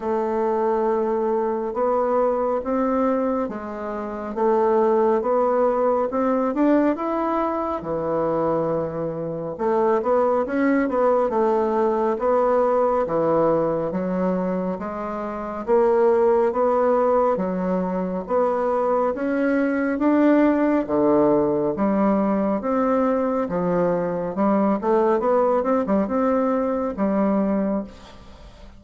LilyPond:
\new Staff \with { instrumentName = "bassoon" } { \time 4/4 \tempo 4 = 69 a2 b4 c'4 | gis4 a4 b4 c'8 d'8 | e'4 e2 a8 b8 | cis'8 b8 a4 b4 e4 |
fis4 gis4 ais4 b4 | fis4 b4 cis'4 d'4 | d4 g4 c'4 f4 | g8 a8 b8 c'16 g16 c'4 g4 | }